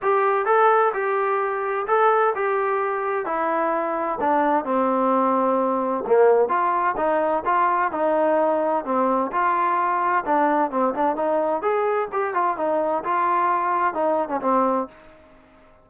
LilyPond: \new Staff \with { instrumentName = "trombone" } { \time 4/4 \tempo 4 = 129 g'4 a'4 g'2 | a'4 g'2 e'4~ | e'4 d'4 c'2~ | c'4 ais4 f'4 dis'4 |
f'4 dis'2 c'4 | f'2 d'4 c'8 d'8 | dis'4 gis'4 g'8 f'8 dis'4 | f'2 dis'8. cis'16 c'4 | }